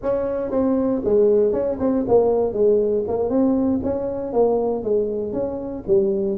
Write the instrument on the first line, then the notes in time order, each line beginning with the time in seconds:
tuba
0.02 C#4
0.50 C4
1.04 G#3
1.52 C#4
1.79 C4
2.08 A#3
2.53 G#3
3.07 A#3
3.29 C4
3.83 C#4
4.32 A#3
4.83 G#3
5.33 C#4
5.87 G3